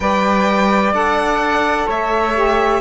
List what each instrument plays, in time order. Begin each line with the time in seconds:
0.00 cello G3, saxophone B4, flute D5, violin G5
0.92 cello D4, saxophone A4, violin F#5
1.87 cello A3, flute C#5, violin E5
2.35 saxophone G4